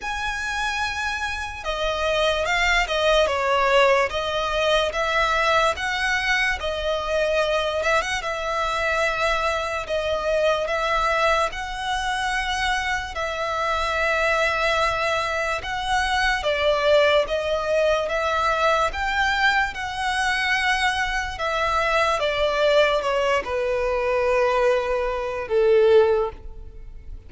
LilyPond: \new Staff \with { instrumentName = "violin" } { \time 4/4 \tempo 4 = 73 gis''2 dis''4 f''8 dis''8 | cis''4 dis''4 e''4 fis''4 | dis''4. e''16 fis''16 e''2 | dis''4 e''4 fis''2 |
e''2. fis''4 | d''4 dis''4 e''4 g''4 | fis''2 e''4 d''4 | cis''8 b'2~ b'8 a'4 | }